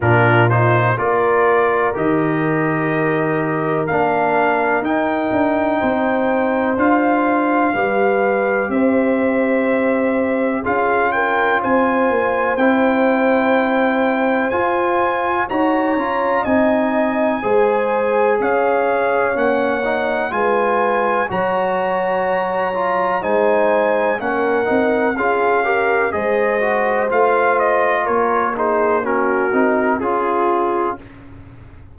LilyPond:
<<
  \new Staff \with { instrumentName = "trumpet" } { \time 4/4 \tempo 4 = 62 ais'8 c''8 d''4 dis''2 | f''4 g''2 f''4~ | f''4 e''2 f''8 g''8 | gis''4 g''2 gis''4 |
ais''4 gis''2 f''4 | fis''4 gis''4 ais''2 | gis''4 fis''4 f''4 dis''4 | f''8 dis''8 cis''8 c''8 ais'4 gis'4 | }
  \new Staff \with { instrumentName = "horn" } { \time 4/4 f'4 ais'2.~ | ais'2 c''2 | b'4 c''2 gis'8 ais'8 | c''1 |
cis''4 dis''4 c''4 cis''4~ | cis''4 b'4 cis''2 | c''4 ais'4 gis'8 ais'8 c''4~ | c''4 ais'8 gis'8 fis'4 f'4 | }
  \new Staff \with { instrumentName = "trombone" } { \time 4/4 d'8 dis'8 f'4 g'2 | d'4 dis'2 f'4 | g'2. f'4~ | f'4 e'2 f'4 |
fis'8 f'8 dis'4 gis'2 | cis'8 dis'8 f'4 fis'4. f'8 | dis'4 cis'8 dis'8 f'8 g'8 gis'8 fis'8 | f'4. dis'8 cis'8 dis'8 f'4 | }
  \new Staff \with { instrumentName = "tuba" } { \time 4/4 ais,4 ais4 dis2 | ais4 dis'8 d'8 c'4 d'4 | g4 c'2 cis'4 | c'8 ais8 c'2 f'4 |
dis'8 cis'8 c'4 gis4 cis'4 | ais4 gis4 fis2 | gis4 ais8 c'8 cis'4 gis4 | a4 ais4. c'8 cis'4 | }
>>